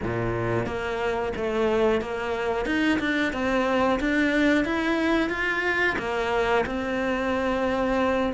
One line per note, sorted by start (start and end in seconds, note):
0.02 0.65 A#2
0.65 1.32 A#3
1.36 2.01 A3
2.01 2.65 A#3
2.65 2.98 D#4
2.99 3.32 D4
3.32 3.99 C4
4.00 4.65 D4
4.65 5.29 E4
5.29 5.96 F4
5.98 6.65 A#3
6.65 8.32 C4